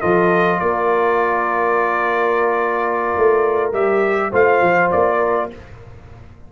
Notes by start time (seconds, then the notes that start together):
0.00 F3 F4 A4 D#5
0.59 A#3 A#4 D5
3.17 A3
3.73 G3 G4 E5
4.30 A3 F4 C5 F5
4.61 F3
4.91 A#3 D5
5.17 A#4